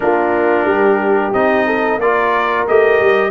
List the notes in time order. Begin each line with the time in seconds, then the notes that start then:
0.00 A#3 D4 F4 A#4
0.65 G3 G4
1.33 C4 D#4 D#5
1.66 A4
1.97 A#3 F4 A#4 D5
2.67 A3 G4 D#5
3.00 G3